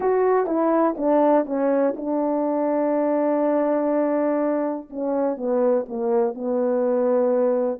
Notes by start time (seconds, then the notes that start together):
0.00 F#4
0.46 E4
0.97 D4
1.45 C#4
1.96 D4
4.89 C#4
5.36 B3
5.88 A#3
6.34 B3